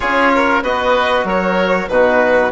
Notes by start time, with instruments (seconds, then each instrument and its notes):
0.00 bassoon C#4, trombone F4, oboe G#4, violin C#5
0.34 oboe A#4
0.62 bassoon B3, trombone F#4, oboe B4, violin D#5
1.23 bassoon F#3, oboe A#4, violin C#5
1.88 bassoon B2, trombone D#4, oboe F#4, violin B4